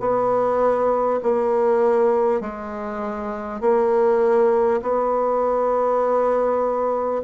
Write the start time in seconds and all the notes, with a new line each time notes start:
0.00 B3
1.23 A#3
2.41 G#3
3.61 A#3
4.82 B3